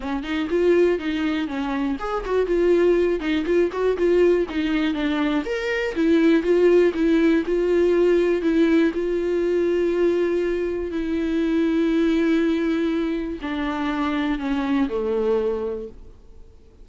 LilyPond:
\new Staff \with { instrumentName = "viola" } { \time 4/4 \tempo 4 = 121 cis'8 dis'8 f'4 dis'4 cis'4 | gis'8 fis'8 f'4. dis'8 f'8 fis'8 | f'4 dis'4 d'4 ais'4 | e'4 f'4 e'4 f'4~ |
f'4 e'4 f'2~ | f'2 e'2~ | e'2. d'4~ | d'4 cis'4 a2 | }